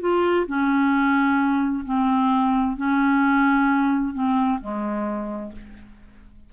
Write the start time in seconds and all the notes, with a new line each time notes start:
0.00 F4
0.47 C#4
1.85 C4
2.76 C#4
4.13 C4
4.61 G#3